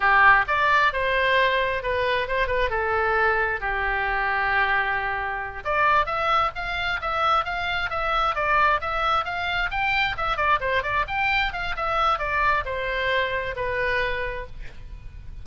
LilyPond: \new Staff \with { instrumentName = "oboe" } { \time 4/4 \tempo 4 = 133 g'4 d''4 c''2 | b'4 c''8 b'8 a'2 | g'1~ | g'8 d''4 e''4 f''4 e''8~ |
e''8 f''4 e''4 d''4 e''8~ | e''8 f''4 g''4 e''8 d''8 c''8 | d''8 g''4 f''8 e''4 d''4 | c''2 b'2 | }